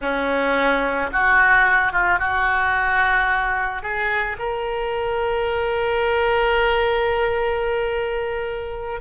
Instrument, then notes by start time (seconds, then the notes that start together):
oboe
0.01 C#4
1.12 F#4
1.92 F4
2.19 F#4
3.82 G#4
4.39 A#4